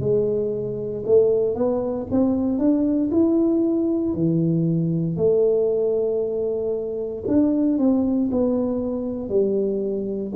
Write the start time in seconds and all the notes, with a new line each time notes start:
0.00 G#3
1.06 A3
1.55 B3
2.11 C4
2.59 D4
3.11 E4
4.14 E3
5.17 A3
7.27 D4
7.78 C4
8.31 B3
9.29 G3